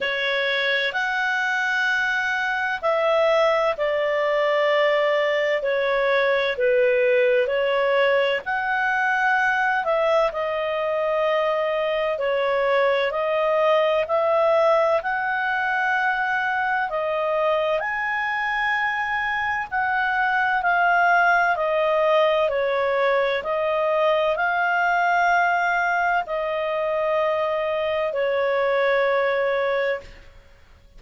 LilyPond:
\new Staff \with { instrumentName = "clarinet" } { \time 4/4 \tempo 4 = 64 cis''4 fis''2 e''4 | d''2 cis''4 b'4 | cis''4 fis''4. e''8 dis''4~ | dis''4 cis''4 dis''4 e''4 |
fis''2 dis''4 gis''4~ | gis''4 fis''4 f''4 dis''4 | cis''4 dis''4 f''2 | dis''2 cis''2 | }